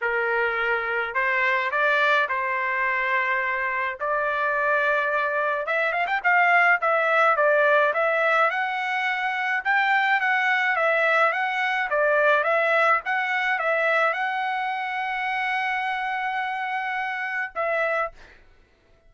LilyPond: \new Staff \with { instrumentName = "trumpet" } { \time 4/4 \tempo 4 = 106 ais'2 c''4 d''4 | c''2. d''4~ | d''2 e''8 f''16 g''16 f''4 | e''4 d''4 e''4 fis''4~ |
fis''4 g''4 fis''4 e''4 | fis''4 d''4 e''4 fis''4 | e''4 fis''2.~ | fis''2. e''4 | }